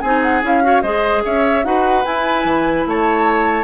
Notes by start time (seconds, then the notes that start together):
0.00 C4 D#4 G#4 G#5
0.23 F#5
0.42 C#4 E4 F5
0.62 F#4 C#5
0.82 G#3 G#4 C5 D#5
1.25 C#4 C#5 E5
1.64 D#4 F#4 B4 F#5
2.05 E4 G#5
2.44 E3
2.86 A3 C#5 A5